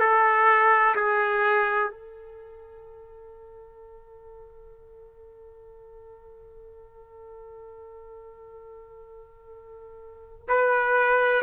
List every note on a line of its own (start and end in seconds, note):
0.00 0.95 A4
0.95 1.90 G#4
1.90 10.48 A4
10.48 11.42 B4